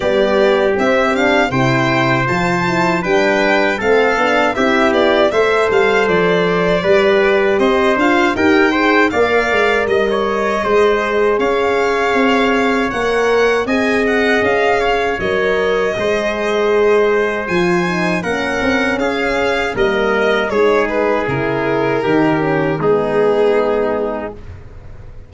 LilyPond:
<<
  \new Staff \with { instrumentName = "violin" } { \time 4/4 \tempo 4 = 79 d''4 e''8 f''8 g''4 a''4 | g''4 f''4 e''8 d''8 e''8 f''8 | d''2 dis''8 f''8 g''4 | f''4 dis''2 f''4~ |
f''4 fis''4 gis''8 fis''8 f''4 | dis''2. gis''4 | fis''4 f''4 dis''4 cis''8 b'8 | ais'2 gis'2 | }
  \new Staff \with { instrumentName = "trumpet" } { \time 4/4 g'2 c''2 | b'4 a'4 g'4 c''4~ | c''4 b'4 c''4 ais'8 c''8 | d''4 dis''16 cis''8. c''4 cis''4~ |
cis''2 dis''4. cis''8~ | cis''4 c''2. | ais'4 gis'4 ais'4 gis'4~ | gis'4 g'4 dis'2 | }
  \new Staff \with { instrumentName = "horn" } { \time 4/4 b4 c'8 d'8 e'4 f'8 e'8 | d'4 c'8 d'8 e'4 a'4~ | a'4 g'4. f'8 g'8 gis'8 | ais'2 gis'2~ |
gis'4 ais'4 gis'2 | ais'4 gis'2 f'8 dis'8 | cis'2 ais4 dis'4 | e'4 dis'8 cis'8 b2 | }
  \new Staff \with { instrumentName = "tuba" } { \time 4/4 g4 c'4 c4 f4 | g4 a8 b8 c'8 b8 a8 g8 | f4 g4 c'8 d'8 dis'4 | ais8 gis8 g4 gis4 cis'4 |
c'4 ais4 c'4 cis'4 | fis4 gis2 f4 | ais8 c'8 cis'4 g4 gis4 | cis4 dis4 gis2 | }
>>